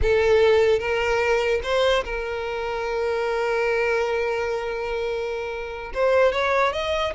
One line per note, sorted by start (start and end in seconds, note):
0.02 0.79 A4
0.79 1.60 A#4
1.63 2.04 C5
2.04 5.92 A#4
5.94 6.32 C5
6.32 6.72 C#5
6.72 7.13 D#5